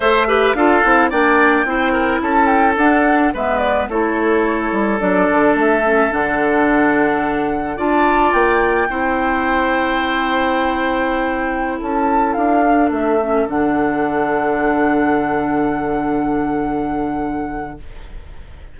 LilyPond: <<
  \new Staff \with { instrumentName = "flute" } { \time 4/4 \tempo 4 = 108 e''4 f''4 g''2 | a''8 g''8 fis''4 e''8 d''8 cis''4~ | cis''4 d''4 e''4 fis''4~ | fis''2 a''4 g''4~ |
g''1~ | g''4~ g''16 a''4 f''4 e''8.~ | e''16 fis''2.~ fis''8.~ | fis''1 | }
  \new Staff \with { instrumentName = "oboe" } { \time 4/4 c''8 b'8 a'4 d''4 c''8 ais'8 | a'2 b'4 a'4~ | a'1~ | a'2 d''2 |
c''1~ | c''4~ c''16 a'2~ a'8.~ | a'1~ | a'1 | }
  \new Staff \with { instrumentName = "clarinet" } { \time 4/4 a'8 g'8 f'8 e'8 d'4 e'4~ | e'4 d'4 b4 e'4~ | e'4 d'4. cis'8 d'4~ | d'2 f'2 |
e'1~ | e'2~ e'8. d'4 cis'16~ | cis'16 d'2.~ d'8.~ | d'1 | }
  \new Staff \with { instrumentName = "bassoon" } { \time 4/4 a4 d'8 c'8 ais4 c'4 | cis'4 d'4 gis4 a4~ | a8 g8 fis8 d8 a4 d4~ | d2 d'4 ais4 |
c'1~ | c'4~ c'16 cis'4 d'4 a8.~ | a16 d2.~ d8.~ | d1 | }
>>